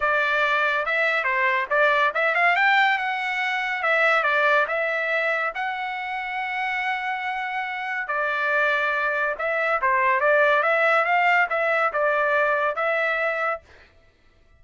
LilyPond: \new Staff \with { instrumentName = "trumpet" } { \time 4/4 \tempo 4 = 141 d''2 e''4 c''4 | d''4 e''8 f''8 g''4 fis''4~ | fis''4 e''4 d''4 e''4~ | e''4 fis''2.~ |
fis''2. d''4~ | d''2 e''4 c''4 | d''4 e''4 f''4 e''4 | d''2 e''2 | }